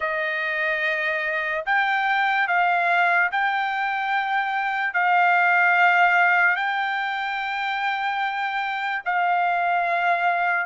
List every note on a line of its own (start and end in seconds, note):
0.00 1.64 D#5
1.65 2.47 G5
2.47 3.30 F5
3.31 4.93 G5
4.93 6.55 F5
6.55 9.02 G5
9.05 10.66 F5